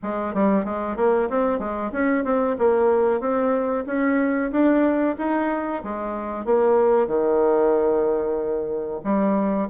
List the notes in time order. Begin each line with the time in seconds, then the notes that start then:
0.02 G#3
0.34 G3
0.65 G#3
0.96 A#3
1.29 C4
1.59 G#3
1.92 C#4
2.24 C4
2.58 A#3
3.20 C4
3.86 C#4
4.51 D4
5.18 D#4
5.83 G#3
6.45 A#3
7.07 D#3
9.04 G3